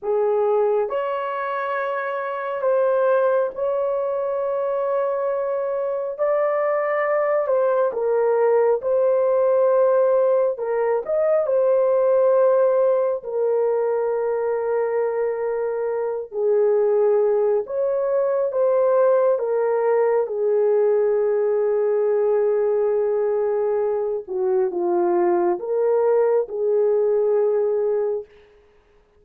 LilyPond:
\new Staff \with { instrumentName = "horn" } { \time 4/4 \tempo 4 = 68 gis'4 cis''2 c''4 | cis''2. d''4~ | d''8 c''8 ais'4 c''2 | ais'8 dis''8 c''2 ais'4~ |
ais'2~ ais'8 gis'4. | cis''4 c''4 ais'4 gis'4~ | gis'2.~ gis'8 fis'8 | f'4 ais'4 gis'2 | }